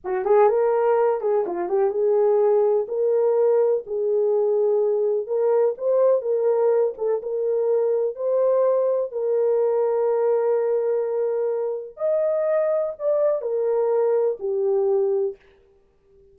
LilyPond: \new Staff \with { instrumentName = "horn" } { \time 4/4 \tempo 4 = 125 fis'8 gis'8 ais'4. gis'8 f'8 g'8 | gis'2 ais'2 | gis'2. ais'4 | c''4 ais'4. a'8 ais'4~ |
ais'4 c''2 ais'4~ | ais'1~ | ais'4 dis''2 d''4 | ais'2 g'2 | }